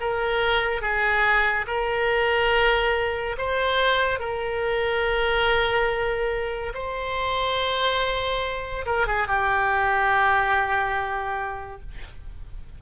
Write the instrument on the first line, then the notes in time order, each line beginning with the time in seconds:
oboe
0.00 A#4
0.81 G#4
1.67 A#4
3.37 C5
4.19 A#4
6.74 C5
8.85 A#4
9.07 G#4
9.27 G4